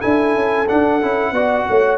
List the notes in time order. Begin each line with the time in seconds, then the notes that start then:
0.00 D4 E4 A4 G#5
0.35 C#4
0.68 D4 F#5
1.02 C#4 E4
1.32 B3 F#4 D5
1.69 A3 C#5